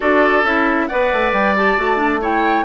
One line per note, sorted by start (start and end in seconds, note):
0.00 0.43 D4
0.00 0.44 F#4
0.00 0.86 A4
0.00 0.44 D5
0.43 0.87 C#4
0.43 0.90 E4
0.43 0.87 E5
0.87 1.12 B3
0.87 1.57 B4
0.87 2.21 D5
0.87 1.31 F#5
1.12 1.32 A3
1.32 1.76 G3
1.32 1.55 G5
1.56 1.77 G4
1.56 2.22 A5
1.77 2.64 A3
1.77 1.96 F#4
1.96 2.18 D4
2.21 2.64 E4
2.21 2.64 C#5
2.21 2.64 G5